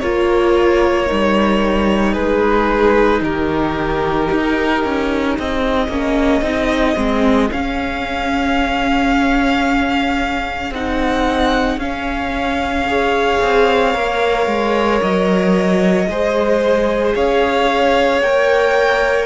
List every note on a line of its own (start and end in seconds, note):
0.00 1.10 A#3
0.00 1.06 F4
0.00 2.13 A#4
0.00 2.14 C#5
1.06 2.17 G3
1.06 5.89 D#4
2.13 3.22 G#3
2.13 3.21 G#4
2.13 3.21 B4
3.22 4.29 D#3
3.22 5.38 G4
3.22 5.38 A#4
4.32 4.85 D#4
4.85 5.38 C#4
5.38 5.88 C4
5.38 12.87 G#4
5.38 7.52 D#5
5.88 6.42 A#3
5.88 6.43 C#4
6.42 6.95 C4
6.42 6.96 D#4
6.96 7.50 G#3
6.96 7.49 C4
7.52 10.73 C#4
7.52 10.71 C#4
7.52 10.73 F5
10.71 11.77 C4
10.71 11.80 D#4
10.71 11.79 F#5
11.77 13.38 C#4
11.77 12.87 C#4
11.77 15.01 F5
12.87 13.94 G#4
12.87 16.08 C#5
13.42 13.95 C4
13.94 14.47 A#3
13.94 16.08 A#4
14.47 15.00 G#3
15.02 16.08 F#3
15.02 17.15 D#5
16.08 17.15 G#3
16.08 18.23 G#4
16.08 17.16 C5
17.15 18.22 C#4
17.15 19.26 C#5
17.15 18.22 F5
18.22 19.26 A#3
18.22 19.26 A#4
18.22 19.26 G5